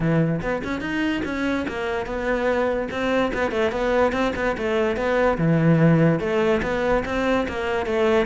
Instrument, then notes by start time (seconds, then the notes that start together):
cello
0.00 E3
0.41 B3
0.64 C#4
0.80 D#4
1.24 C#4
1.67 A#3
2.05 B3
2.90 C4
3.33 B3
3.51 A3
3.71 B3
4.12 C4
4.35 B3
4.57 A3
4.96 B3
5.38 E3
6.19 A3
6.62 B3
7.05 C4
7.48 A#3
7.86 A3